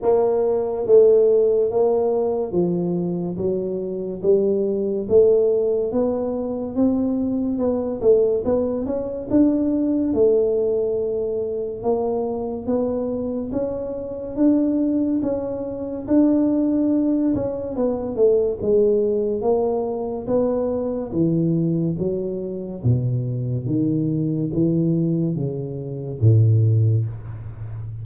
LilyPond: \new Staff \with { instrumentName = "tuba" } { \time 4/4 \tempo 4 = 71 ais4 a4 ais4 f4 | fis4 g4 a4 b4 | c'4 b8 a8 b8 cis'8 d'4 | a2 ais4 b4 |
cis'4 d'4 cis'4 d'4~ | d'8 cis'8 b8 a8 gis4 ais4 | b4 e4 fis4 b,4 | dis4 e4 cis4 a,4 | }